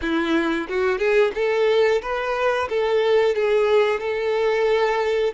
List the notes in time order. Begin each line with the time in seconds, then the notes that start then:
0.01 E4
0.68 F#4
0.98 G#4
1.35 A4
2.02 B4
2.69 A4
3.35 G#4
4.00 A4